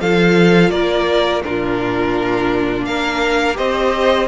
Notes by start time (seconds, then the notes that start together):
0.00 F3 F4 A4 F5
0.71 A#3 A#4 D5
1.43 A#2 D4 F4 A#4
2.85 A#3 A#4 F5
3.54 C4 G4 C5 D#5